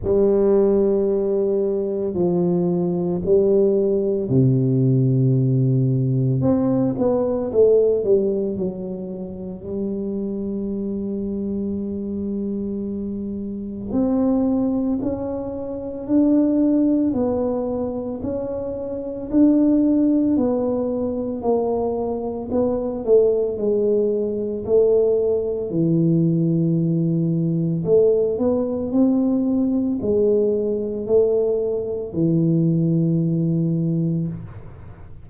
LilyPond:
\new Staff \with { instrumentName = "tuba" } { \time 4/4 \tempo 4 = 56 g2 f4 g4 | c2 c'8 b8 a8 g8 | fis4 g2.~ | g4 c'4 cis'4 d'4 |
b4 cis'4 d'4 b4 | ais4 b8 a8 gis4 a4 | e2 a8 b8 c'4 | gis4 a4 e2 | }